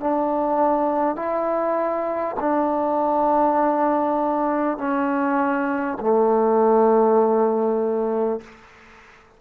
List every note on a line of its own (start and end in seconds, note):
0.00 1.16 D4
1.16 2.36 E4
2.40 4.78 D4
4.78 5.98 C#4
6.01 8.41 A3